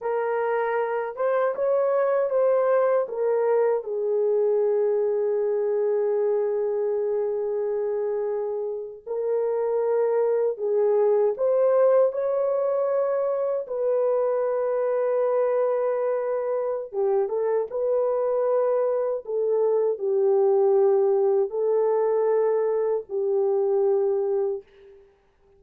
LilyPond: \new Staff \with { instrumentName = "horn" } { \time 4/4 \tempo 4 = 78 ais'4. c''8 cis''4 c''4 | ais'4 gis'2.~ | gis'2.~ gis'8. ais'16~ | ais'4.~ ais'16 gis'4 c''4 cis''16~ |
cis''4.~ cis''16 b'2~ b'16~ | b'2 g'8 a'8 b'4~ | b'4 a'4 g'2 | a'2 g'2 | }